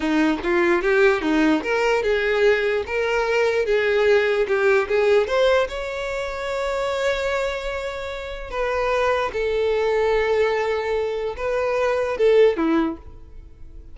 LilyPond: \new Staff \with { instrumentName = "violin" } { \time 4/4 \tempo 4 = 148 dis'4 f'4 g'4 dis'4 | ais'4 gis'2 ais'4~ | ais'4 gis'2 g'4 | gis'4 c''4 cis''2~ |
cis''1~ | cis''4 b'2 a'4~ | a'1 | b'2 a'4 e'4 | }